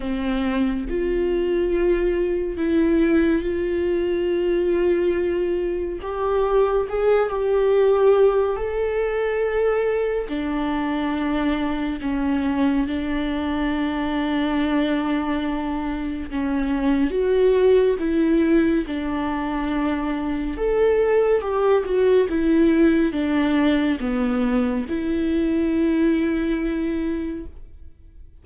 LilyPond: \new Staff \with { instrumentName = "viola" } { \time 4/4 \tempo 4 = 70 c'4 f'2 e'4 | f'2. g'4 | gis'8 g'4. a'2 | d'2 cis'4 d'4~ |
d'2. cis'4 | fis'4 e'4 d'2 | a'4 g'8 fis'8 e'4 d'4 | b4 e'2. | }